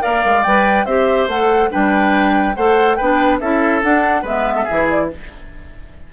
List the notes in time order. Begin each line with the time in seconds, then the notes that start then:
0.00 A#3 A#4 D5 F5
0.25 G#3
0.43 G3 B4 G5
0.85 C4 G4 C5 E5
1.28 A3 A4 F#5
1.71 G3 D4 B4 G5
2.56 A3 A4 C5 F#5
2.95 B3 B4 G5
3.02 D4
3.40 C#4 E4 A4 E5
3.83 D4 F#5
4.22 G#3 B3 B4 E5
4.56 A4
4.64 E4 G#4
4.71 E3
4.90 D5